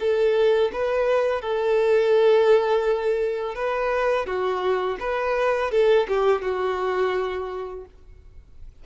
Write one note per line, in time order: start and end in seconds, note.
0.00 0.71 A4
0.72 1.41 B4
1.41 3.55 A4
3.55 4.26 B4
4.26 4.97 F#4
5.00 5.71 B4
5.71 6.07 A4
6.08 6.42 G4
6.42 7.85 F#4